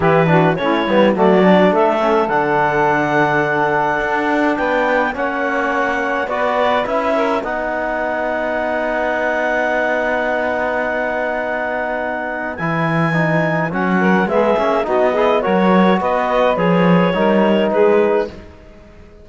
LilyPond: <<
  \new Staff \with { instrumentName = "clarinet" } { \time 4/4 \tempo 4 = 105 b'4 cis''4 d''4 e''4 | fis''1 | g''4 fis''2 d''4 | e''4 fis''2.~ |
fis''1~ | fis''2 gis''2 | fis''4 e''4 dis''4 cis''4 | dis''4 cis''2 b'4 | }
  \new Staff \with { instrumentName = "saxophone" } { \time 4/4 g'8 fis'8 e'4 fis'4 a'4~ | a'1 | b'4 cis''2 b'4~ | b'8 ais'8 b'2.~ |
b'1~ | b'1~ | b'8 ais'8 gis'4 fis'8 gis'8 ais'4 | b'2 ais'4 gis'4 | }
  \new Staff \with { instrumentName = "trombone" } { \time 4/4 e'8 d'8 cis'8 b8 a8 d'4 cis'8 | d'1~ | d'4 cis'2 fis'4 | e'4 dis'2.~ |
dis'1~ | dis'2 e'4 dis'4 | cis'4 b8 cis'8 dis'8 e'8 fis'4~ | fis'4 gis'4 dis'2 | }
  \new Staff \with { instrumentName = "cello" } { \time 4/4 e4 a8 g8 fis4 a4 | d2. d'4 | b4 ais2 b4 | cis'4 b2.~ |
b1~ | b2 e2 | fis4 gis8 ais8 b4 fis4 | b4 f4 g4 gis4 | }
>>